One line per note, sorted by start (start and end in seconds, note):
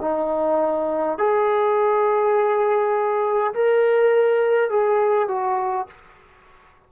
0.00 1.18 D#4
1.18 3.53 G#4
3.53 4.70 A#4
4.70 5.28 G#4
5.28 5.87 F#4